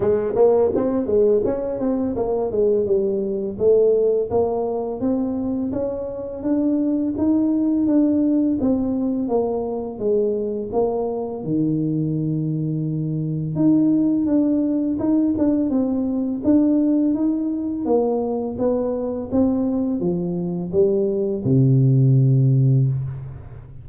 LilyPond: \new Staff \with { instrumentName = "tuba" } { \time 4/4 \tempo 4 = 84 gis8 ais8 c'8 gis8 cis'8 c'8 ais8 gis8 | g4 a4 ais4 c'4 | cis'4 d'4 dis'4 d'4 | c'4 ais4 gis4 ais4 |
dis2. dis'4 | d'4 dis'8 d'8 c'4 d'4 | dis'4 ais4 b4 c'4 | f4 g4 c2 | }